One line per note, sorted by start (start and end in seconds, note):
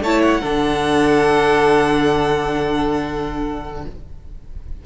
0.00 0.40 A3
0.00 0.42 E4
0.00 0.40 C#5
0.00 0.22 A5
0.22 3.84 F#5
0.40 3.85 D3
0.40 3.84 D4
0.40 3.83 A4